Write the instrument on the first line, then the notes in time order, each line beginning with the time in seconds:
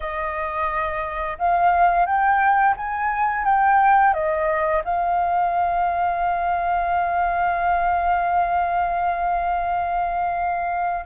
flute
0.00 D#5
1.38 F5
2.06 G5
2.76 G#5
3.45 G5
4.13 D#5
4.84 F5